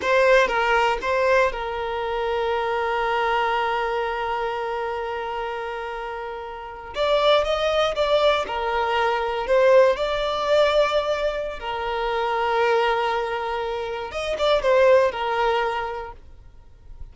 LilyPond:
\new Staff \with { instrumentName = "violin" } { \time 4/4 \tempo 4 = 119 c''4 ais'4 c''4 ais'4~ | ais'1~ | ais'1~ | ais'4.~ ais'16 d''4 dis''4 d''16~ |
d''8. ais'2 c''4 d''16~ | d''2. ais'4~ | ais'1 | dis''8 d''8 c''4 ais'2 | }